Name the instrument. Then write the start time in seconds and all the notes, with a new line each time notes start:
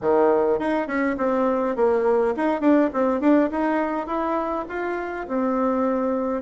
bassoon
0.01 D#3
0.59 D#4
0.87 C#4
1.17 C4
1.76 A#3
2.36 D#4
2.61 D4
2.93 C4
3.20 D4
3.51 D#4
4.06 E4
4.68 F4
5.28 C4